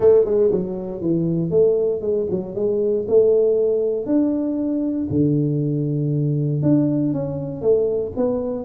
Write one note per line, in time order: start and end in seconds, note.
0.00 0.25 A3
0.25 0.50 G#3
0.51 1.01 F#3
1.01 1.50 E3
1.50 2.01 A3
2.01 2.26 G#3
2.30 2.55 F#3
2.55 3.06 G#3
3.07 4.05 A3
4.05 5.07 D4
5.09 6.62 D3
6.62 7.13 D4
7.13 7.61 C#4
7.61 8.12 A3
8.16 8.65 B3